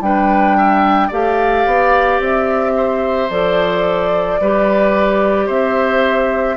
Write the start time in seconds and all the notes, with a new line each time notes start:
0.00 G3 D4 B4 G5
0.57 E5
1.07 A3 G4 D5 F5
1.66 B3
2.19 C4 E5
2.77 C5
3.29 F3 A4 D5
4.40 G3 G4 B4
5.46 C4 C5 E5